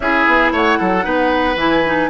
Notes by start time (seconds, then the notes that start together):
0.00 C#4 E4 G#4 E5
0.27 B3
0.51 A3 C#5 F#5
0.78 F#3 A4
1.02 B3 D#4 B4
1.55 E3 E4 G#5
1.86 D#4